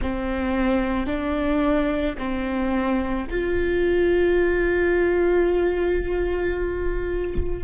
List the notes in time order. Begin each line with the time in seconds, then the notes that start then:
0.01 C4
1.06 D4
2.18 C4
3.30 F4